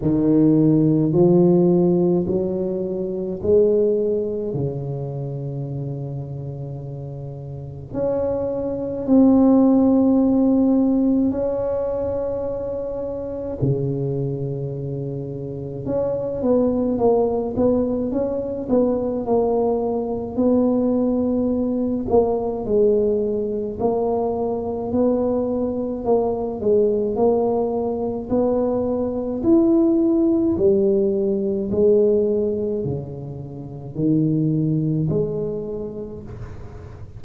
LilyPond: \new Staff \with { instrumentName = "tuba" } { \time 4/4 \tempo 4 = 53 dis4 f4 fis4 gis4 | cis2. cis'4 | c'2 cis'2 | cis2 cis'8 b8 ais8 b8 |
cis'8 b8 ais4 b4. ais8 | gis4 ais4 b4 ais8 gis8 | ais4 b4 e'4 g4 | gis4 cis4 dis4 gis4 | }